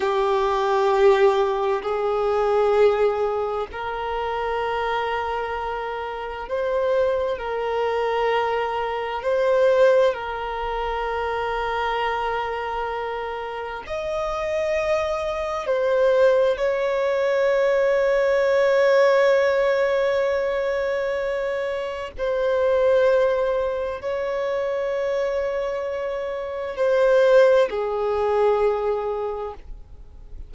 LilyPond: \new Staff \with { instrumentName = "violin" } { \time 4/4 \tempo 4 = 65 g'2 gis'2 | ais'2. c''4 | ais'2 c''4 ais'4~ | ais'2. dis''4~ |
dis''4 c''4 cis''2~ | cis''1 | c''2 cis''2~ | cis''4 c''4 gis'2 | }